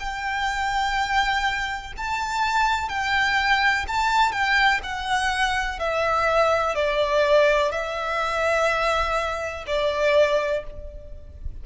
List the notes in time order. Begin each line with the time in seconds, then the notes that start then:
0.00 G5
1.98 A5
2.89 G5
3.88 A5
4.32 G5
4.83 F#5
5.80 E5
6.76 D5
7.72 E5
9.67 D5